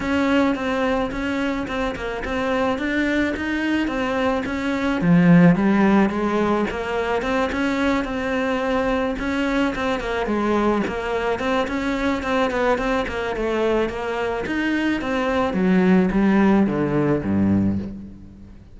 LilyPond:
\new Staff \with { instrumentName = "cello" } { \time 4/4 \tempo 4 = 108 cis'4 c'4 cis'4 c'8 ais8 | c'4 d'4 dis'4 c'4 | cis'4 f4 g4 gis4 | ais4 c'8 cis'4 c'4.~ |
c'8 cis'4 c'8 ais8 gis4 ais8~ | ais8 c'8 cis'4 c'8 b8 c'8 ais8 | a4 ais4 dis'4 c'4 | fis4 g4 d4 g,4 | }